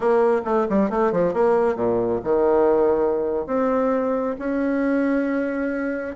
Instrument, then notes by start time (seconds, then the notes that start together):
bassoon
0.00 A#3
0.45 A3
0.69 G3
0.90 A3
1.12 F3
1.33 A#3
1.75 A#2
2.23 D#3
3.46 C4
4.38 C#4